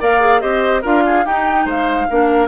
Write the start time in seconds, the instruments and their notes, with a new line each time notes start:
0.00 bassoon A#3, clarinet A#4, oboe D5, flute F5
0.21 clarinet G#4
0.41 bassoon C4, clarinet G4, oboe C5, flute D#5
0.82 bassoon D4, clarinet F4, oboe A#4, flute F5
1.06 oboe G#4
1.25 bassoon D#4, clarinet D#4, oboe G4, flute G5
1.66 bassoon G#3, oboe C5, flute F5
2.10 bassoon A#3, clarinet D4, oboe A#4